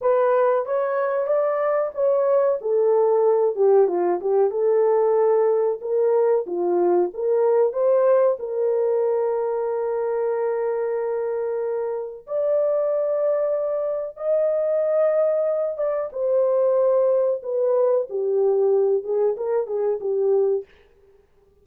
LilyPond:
\new Staff \with { instrumentName = "horn" } { \time 4/4 \tempo 4 = 93 b'4 cis''4 d''4 cis''4 | a'4. g'8 f'8 g'8 a'4~ | a'4 ais'4 f'4 ais'4 | c''4 ais'2.~ |
ais'2. d''4~ | d''2 dis''2~ | dis''8 d''8 c''2 b'4 | g'4. gis'8 ais'8 gis'8 g'4 | }